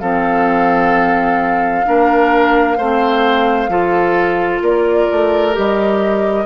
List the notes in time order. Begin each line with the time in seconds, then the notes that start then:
0.00 F3 C4 A4 F5
1.85 A#3 D4 A#4
2.78 A3 C4 C5
3.69 F3 F4 A4
4.62 A#3 A#4 D5
5.11 A3
5.52 G3 G4 D#5